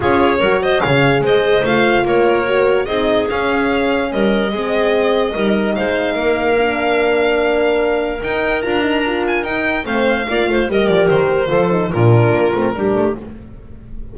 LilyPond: <<
  \new Staff \with { instrumentName = "violin" } { \time 4/4 \tempo 4 = 146 cis''4. dis''8 f''4 dis''4 | f''4 cis''2 dis''4 | f''2 dis''2~ | dis''2 f''2~ |
f''1 | g''4 ais''4. gis''8 g''4 | f''2 dis''8 d''8 c''4~ | c''4 ais'2. | }
  \new Staff \with { instrumentName = "clarinet" } { \time 4/4 gis'4 ais'8 c''8 cis''4 c''4~ | c''4 ais'2 gis'4~ | gis'2 ais'4 gis'4~ | gis'4 ais'4 c''4 ais'4~ |
ais'1~ | ais'1 | c''4 d''8 c''8 ais'2 | a'4 f'2 g'4 | }
  \new Staff \with { instrumentName = "horn" } { \time 4/4 f'4 fis'4 gis'2 | f'2 fis'4 dis'4 | cis'2. c'4~ | c'4 dis'2. |
d'1 | dis'4 f'8 dis'8 f'4 dis'4 | c'4 f'4 g'2 | f'8 dis'8 d'4. c'8 d'4 | }
  \new Staff \with { instrumentName = "double bass" } { \time 4/4 cis'4 fis4 cis4 gis4 | a4 ais2 c'4 | cis'2 g4 gis4~ | gis4 g4 gis4 ais4~ |
ais1 | dis'4 d'2 dis'4 | a4 ais8 a8 g8 f8 dis4 | f4 ais,4 ais8 a8 g8 a8 | }
>>